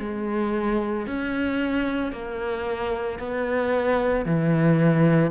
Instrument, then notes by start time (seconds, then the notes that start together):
cello
0.00 G#3
1.07 C#4
2.13 A#3
3.19 B3
4.26 E3